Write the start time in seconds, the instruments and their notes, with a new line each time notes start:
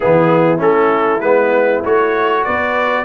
0.00 tuba E3, trombone B3, horn E4, trumpet G#4
0.57 tuba A3, trombone C#4, trumpet A4
1.20 tuba G#3, trombone B3, trumpet B4
1.84 tuba A3, trombone F#4, trumpet C#5
2.43 tuba B3, horn B4, trumpet D5